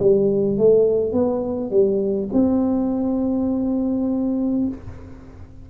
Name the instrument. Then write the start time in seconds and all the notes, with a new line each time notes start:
tuba
0.00 G3
0.58 A3
1.13 B3
1.71 G3
2.33 C4